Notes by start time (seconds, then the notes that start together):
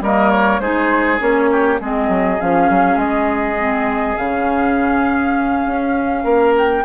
0.00 G3 A#3 A#4 D#5
0.29 C#5
0.59 G#3 D#4 G#4 C5
1.19 A#3 C#4 C#5
1.51 G4
1.80 G#3 C4 G#4 D#5
2.08 F#3
2.38 F3 C#4 F5
2.69 F#3
2.96 G#3 D#5
3.58 C4
4.17 C#3 C#4 F5
5.65 C#4
6.23 A#3 A#4
6.58 G5